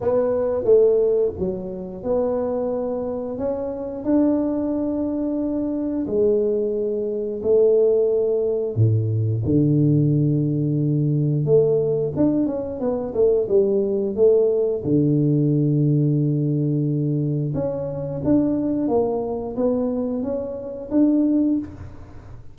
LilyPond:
\new Staff \with { instrumentName = "tuba" } { \time 4/4 \tempo 4 = 89 b4 a4 fis4 b4~ | b4 cis'4 d'2~ | d'4 gis2 a4~ | a4 a,4 d2~ |
d4 a4 d'8 cis'8 b8 a8 | g4 a4 d2~ | d2 cis'4 d'4 | ais4 b4 cis'4 d'4 | }